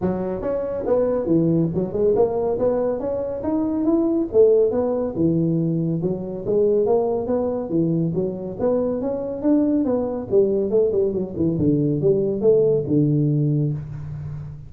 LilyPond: \new Staff \with { instrumentName = "tuba" } { \time 4/4 \tempo 4 = 140 fis4 cis'4 b4 e4 | fis8 gis8 ais4 b4 cis'4 | dis'4 e'4 a4 b4 | e2 fis4 gis4 |
ais4 b4 e4 fis4 | b4 cis'4 d'4 b4 | g4 a8 g8 fis8 e8 d4 | g4 a4 d2 | }